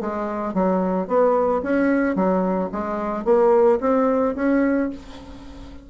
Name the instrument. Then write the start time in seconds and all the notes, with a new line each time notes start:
bassoon
0.00 G#3
0.54 F#3
1.07 B3
1.62 C#4
2.15 F#3
2.72 G#3
3.24 A#3
3.80 C4
4.35 C#4